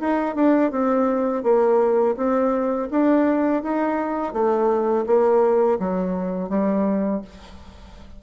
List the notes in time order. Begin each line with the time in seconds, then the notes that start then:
0.00 D#4
0.35 D4
0.71 C4
1.44 A#3
2.17 C4
2.91 D4
3.63 D#4
4.33 A3
5.07 A#3
5.80 F#3
6.50 G3